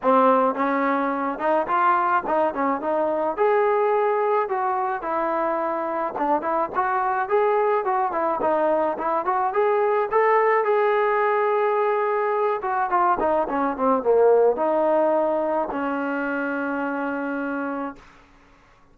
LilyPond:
\new Staff \with { instrumentName = "trombone" } { \time 4/4 \tempo 4 = 107 c'4 cis'4. dis'8 f'4 | dis'8 cis'8 dis'4 gis'2 | fis'4 e'2 d'8 e'8 | fis'4 gis'4 fis'8 e'8 dis'4 |
e'8 fis'8 gis'4 a'4 gis'4~ | gis'2~ gis'8 fis'8 f'8 dis'8 | cis'8 c'8 ais4 dis'2 | cis'1 | }